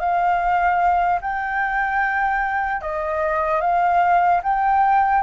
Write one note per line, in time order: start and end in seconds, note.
0.00 1.20 F5
1.22 2.82 G5
2.82 3.61 D#5
3.61 4.41 F5
4.43 5.23 G5